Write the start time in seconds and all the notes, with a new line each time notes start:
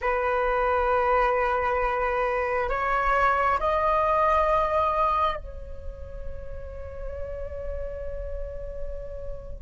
0.01 B4
2.69 C#5
3.59 D#5
5.36 C#5